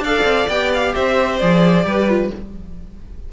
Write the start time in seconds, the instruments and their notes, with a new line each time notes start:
0.00 cello D4, viola A4, violin D5 F5
0.24 cello C4
0.48 cello B3, viola G4, violin G5
0.73 violin F5
0.94 cello C4, violin C5 E5
1.38 cello F3, viola G#4, violin D5
1.85 cello G3, viola G4, violin B4
2.09 viola F4